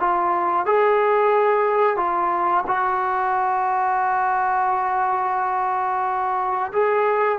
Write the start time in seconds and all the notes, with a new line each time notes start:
0.00 F4
0.66 G#4
1.97 F4
2.67 F#4
6.73 G#4